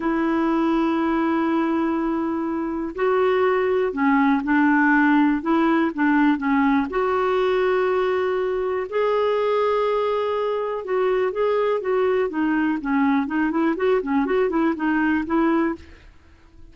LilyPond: \new Staff \with { instrumentName = "clarinet" } { \time 4/4 \tempo 4 = 122 e'1~ | e'2 fis'2 | cis'4 d'2 e'4 | d'4 cis'4 fis'2~ |
fis'2 gis'2~ | gis'2 fis'4 gis'4 | fis'4 dis'4 cis'4 dis'8 e'8 | fis'8 cis'8 fis'8 e'8 dis'4 e'4 | }